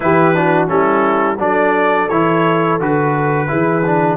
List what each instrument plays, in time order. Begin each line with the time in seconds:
0.00 tuba E3, trombone E4, horn G4, trumpet B4
0.34 trombone D4, horn F#4
0.67 tuba G3, trombone C#4, horn E4, trumpet A4
1.38 tuba F#3, trombone D4, horn A4, trumpet D5
2.09 tuba E3, trombone E4, trumpet C#5
2.80 tuba D3, trombone F#4, trumpet B4
3.47 tuba E3, trombone E4, horn G#4
3.85 trombone D4